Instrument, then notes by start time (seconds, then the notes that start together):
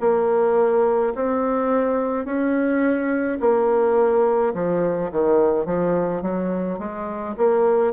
bassoon
0.00 A#3
1.15 C4
2.25 C#4
3.40 A#3
4.54 F3
5.11 D#3
5.66 F3
6.22 F#3
6.78 G#3
7.37 A#3